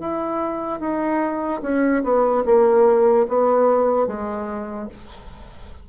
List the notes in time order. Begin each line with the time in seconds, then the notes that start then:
0.00 E4
0.80 D#4
1.62 C#4
2.03 B3
2.45 A#3
3.28 B3
4.07 G#3